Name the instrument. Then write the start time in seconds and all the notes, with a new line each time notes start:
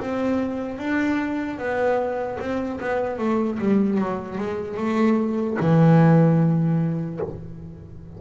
double bass
0.00 C4
0.79 D4
1.59 B3
2.40 C4
2.81 B3
3.19 A3
3.59 G3
3.99 F#3
4.39 G#3
4.77 A3
5.61 E3